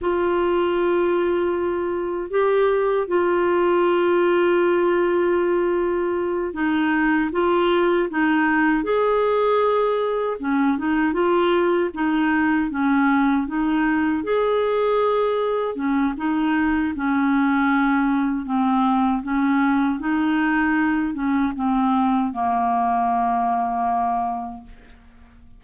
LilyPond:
\new Staff \with { instrumentName = "clarinet" } { \time 4/4 \tempo 4 = 78 f'2. g'4 | f'1~ | f'8 dis'4 f'4 dis'4 gis'8~ | gis'4. cis'8 dis'8 f'4 dis'8~ |
dis'8 cis'4 dis'4 gis'4.~ | gis'8 cis'8 dis'4 cis'2 | c'4 cis'4 dis'4. cis'8 | c'4 ais2. | }